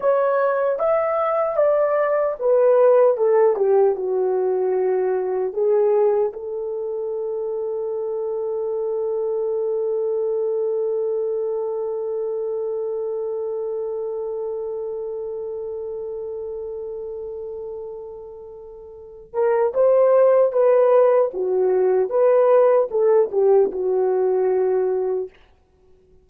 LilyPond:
\new Staff \with { instrumentName = "horn" } { \time 4/4 \tempo 4 = 76 cis''4 e''4 d''4 b'4 | a'8 g'8 fis'2 gis'4 | a'1~ | a'1~ |
a'1~ | a'1~ | a'8 ais'8 c''4 b'4 fis'4 | b'4 a'8 g'8 fis'2 | }